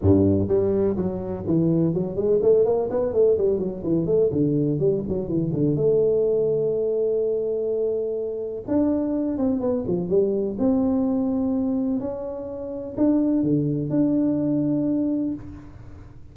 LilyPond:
\new Staff \with { instrumentName = "tuba" } { \time 4/4 \tempo 4 = 125 g,4 g4 fis4 e4 | fis8 gis8 a8 ais8 b8 a8 g8 fis8 | e8 a8 d4 g8 fis8 e8 d8 | a1~ |
a2 d'4. c'8 | b8 f8 g4 c'2~ | c'4 cis'2 d'4 | d4 d'2. | }